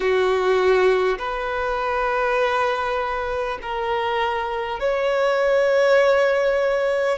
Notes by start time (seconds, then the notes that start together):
0.00 F#4
1.18 B4
3.62 A#4
4.79 C#5